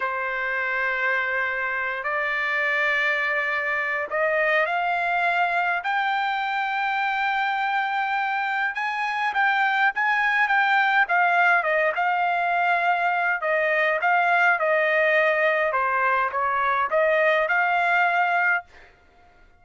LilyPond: \new Staff \with { instrumentName = "trumpet" } { \time 4/4 \tempo 4 = 103 c''2.~ c''8 d''8~ | d''2. dis''4 | f''2 g''2~ | g''2. gis''4 |
g''4 gis''4 g''4 f''4 | dis''8 f''2~ f''8 dis''4 | f''4 dis''2 c''4 | cis''4 dis''4 f''2 | }